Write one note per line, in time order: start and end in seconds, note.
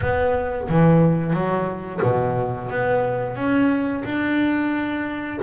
0.01 0.68 B3
0.69 1.33 E3
1.33 2.00 F#3
2.02 2.70 B2
2.70 3.35 B3
3.35 4.03 C#4
4.04 5.39 D4